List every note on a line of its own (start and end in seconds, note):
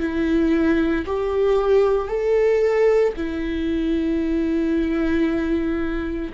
0.00 1.05 E4
1.07 2.09 G4
2.09 3.14 A4
3.17 6.33 E4